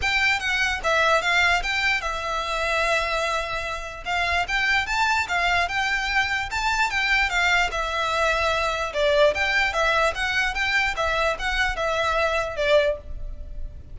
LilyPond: \new Staff \with { instrumentName = "violin" } { \time 4/4 \tempo 4 = 148 g''4 fis''4 e''4 f''4 | g''4 e''2.~ | e''2 f''4 g''4 | a''4 f''4 g''2 |
a''4 g''4 f''4 e''4~ | e''2 d''4 g''4 | e''4 fis''4 g''4 e''4 | fis''4 e''2 d''4 | }